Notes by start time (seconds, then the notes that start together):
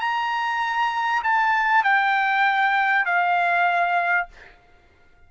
0.00 A#5
1.23 A5
1.84 G5
3.05 F5